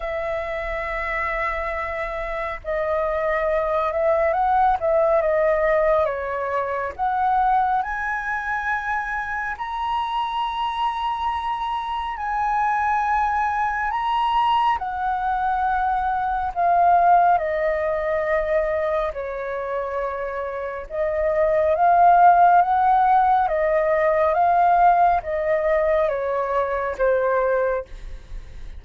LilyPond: \new Staff \with { instrumentName = "flute" } { \time 4/4 \tempo 4 = 69 e''2. dis''4~ | dis''8 e''8 fis''8 e''8 dis''4 cis''4 | fis''4 gis''2 ais''4~ | ais''2 gis''2 |
ais''4 fis''2 f''4 | dis''2 cis''2 | dis''4 f''4 fis''4 dis''4 | f''4 dis''4 cis''4 c''4 | }